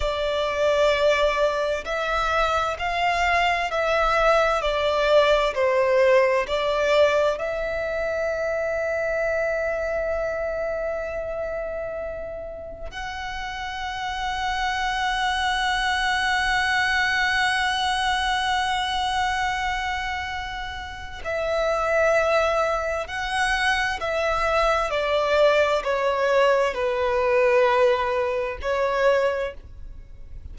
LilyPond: \new Staff \with { instrumentName = "violin" } { \time 4/4 \tempo 4 = 65 d''2 e''4 f''4 | e''4 d''4 c''4 d''4 | e''1~ | e''2 fis''2~ |
fis''1~ | fis''2. e''4~ | e''4 fis''4 e''4 d''4 | cis''4 b'2 cis''4 | }